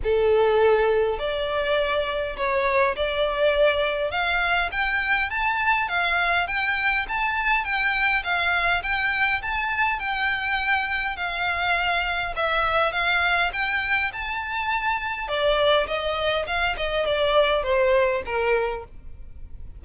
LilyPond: \new Staff \with { instrumentName = "violin" } { \time 4/4 \tempo 4 = 102 a'2 d''2 | cis''4 d''2 f''4 | g''4 a''4 f''4 g''4 | a''4 g''4 f''4 g''4 |
a''4 g''2 f''4~ | f''4 e''4 f''4 g''4 | a''2 d''4 dis''4 | f''8 dis''8 d''4 c''4 ais'4 | }